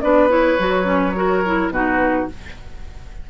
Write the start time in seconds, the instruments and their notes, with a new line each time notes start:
0.00 bassoon B3, clarinet D4, oboe B4, flute D5
0.29 clarinet E4, flute C#5
0.58 bassoon F#3, clarinet F#4
0.83 clarinet C#4
1.15 clarinet F#4, oboe A#4
1.45 clarinet E4
1.69 bassoon B2, clarinet D#4, oboe F#4, flute B4